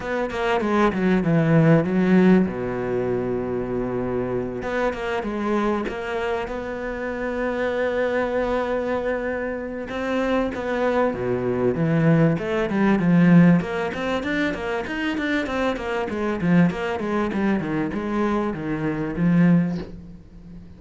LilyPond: \new Staff \with { instrumentName = "cello" } { \time 4/4 \tempo 4 = 97 b8 ais8 gis8 fis8 e4 fis4 | b,2.~ b,8 b8 | ais8 gis4 ais4 b4.~ | b1 |
c'4 b4 b,4 e4 | a8 g8 f4 ais8 c'8 d'8 ais8 | dis'8 d'8 c'8 ais8 gis8 f8 ais8 gis8 | g8 dis8 gis4 dis4 f4 | }